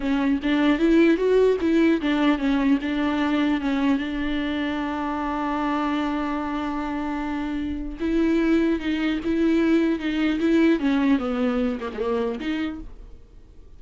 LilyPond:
\new Staff \with { instrumentName = "viola" } { \time 4/4 \tempo 4 = 150 cis'4 d'4 e'4 fis'4 | e'4 d'4 cis'4 d'4~ | d'4 cis'4 d'2~ | d'1~ |
d'1 | e'2 dis'4 e'4~ | e'4 dis'4 e'4 cis'4 | b4. ais16 gis16 ais4 dis'4 | }